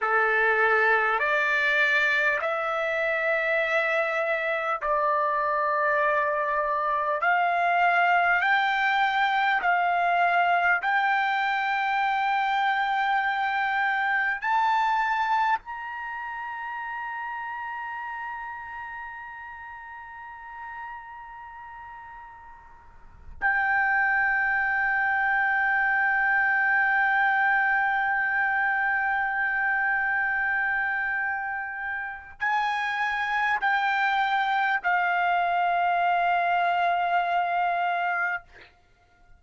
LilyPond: \new Staff \with { instrumentName = "trumpet" } { \time 4/4 \tempo 4 = 50 a'4 d''4 e''2 | d''2 f''4 g''4 | f''4 g''2. | a''4 ais''2.~ |
ais''2.~ ais''8 g''8~ | g''1~ | g''2. gis''4 | g''4 f''2. | }